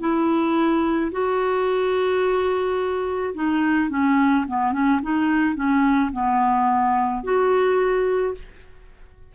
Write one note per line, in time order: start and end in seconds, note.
0.00 1.11 E4
1.12 3.34 F#4
3.34 3.89 D#4
3.89 4.45 C#4
4.47 4.72 B3
4.72 5.00 C#4
5.02 5.55 D#4
5.55 6.10 C#4
6.12 7.23 B3
7.23 8.34 F#4